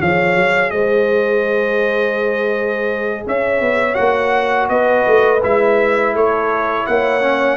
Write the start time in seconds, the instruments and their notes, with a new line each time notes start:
0.00 tuba F3, trombone G#4, horn C#5, trumpet F5
0.35 tuba F#3
0.70 tuba G#3, horn C5, trumpet D#5
3.26 tuba C#4, horn C#5, trumpet E5
3.60 tuba B3
3.93 tuba A#3, trombone F#4, trumpet F#5
4.68 tuba B3, horn B4, trumpet D#5
5.07 tuba A3
5.42 tuba G#3, trombone E4, trumpet E5
6.14 tuba A3, horn A4, trumpet C#5
6.86 tuba A#3, horn C#5, trumpet F#5
7.21 trombone C#4